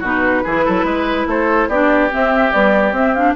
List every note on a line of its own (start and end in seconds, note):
0.00 0.43 B2
0.00 0.45 D#4
0.00 0.42 F#4
0.00 1.29 B4
0.44 0.67 E3
0.44 1.72 E4
0.44 0.65 G#4
0.65 0.84 F#3
0.65 0.85 A4
0.84 1.26 G#3
0.84 1.27 B4
1.26 1.68 A3
1.26 1.69 A4
1.26 1.69 C5
1.68 2.09 B3
1.68 2.10 D4
1.68 3.35 G4
1.68 2.11 D5
2.10 2.51 C4
2.10 2.53 C4
2.10 2.52 E5
2.52 2.94 G3
2.52 2.92 B3
2.52 2.94 D5
2.92 3.34 C4
2.92 3.16 C4
2.92 3.14 E5
3.14 3.35 D4
3.14 3.35 F5